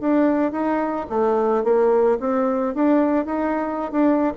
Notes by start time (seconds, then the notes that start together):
0.00 D4
0.52 D#4
1.09 A3
1.64 A#3
2.20 C4
2.74 D4
3.25 D#4
3.92 D4